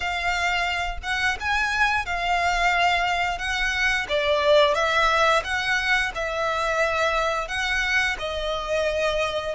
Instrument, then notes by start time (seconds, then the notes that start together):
violin
0.00 F5
1.03 F#5
1.40 G#5
2.05 F5
3.38 F#5
4.08 D5
4.74 E5
5.44 F#5
6.14 E5
7.48 F#5
8.18 D#5